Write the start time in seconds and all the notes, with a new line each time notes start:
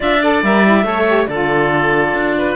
0.00 D4 F4 D5 E5
0.22 A4 D5
0.43 G3 A#4 E5
0.64 E4
0.83 A3 A4 C#5
1.07 G4
1.26 D3 F4 A4 D5
2.13 D4
2.38 B4